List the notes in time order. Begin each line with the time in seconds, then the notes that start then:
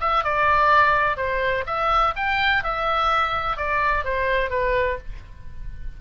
0.00 E5
0.24 D5
1.16 C5
1.66 E5
2.16 G5
2.63 E5
3.57 D5
4.04 C5
4.50 B4